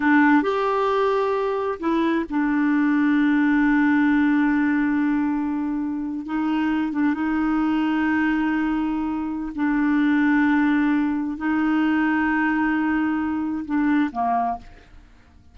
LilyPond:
\new Staff \with { instrumentName = "clarinet" } { \time 4/4 \tempo 4 = 132 d'4 g'2. | e'4 d'2.~ | d'1~ | d'4.~ d'16 dis'4. d'8 dis'16~ |
dis'1~ | dis'4 d'2.~ | d'4 dis'2.~ | dis'2 d'4 ais4 | }